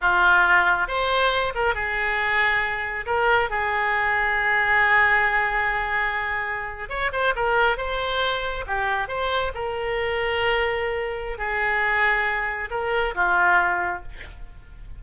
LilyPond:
\new Staff \with { instrumentName = "oboe" } { \time 4/4 \tempo 4 = 137 f'2 c''4. ais'8 | gis'2. ais'4 | gis'1~ | gis'2.~ gis'8. cis''16~ |
cis''16 c''8 ais'4 c''2 g'16~ | g'8. c''4 ais'2~ ais'16~ | ais'2 gis'2~ | gis'4 ais'4 f'2 | }